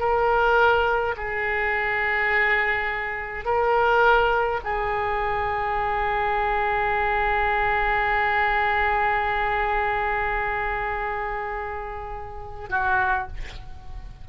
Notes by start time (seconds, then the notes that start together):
0.00 A#4
1.16 G#4
3.45 A#4
4.64 G#4
12.70 F#4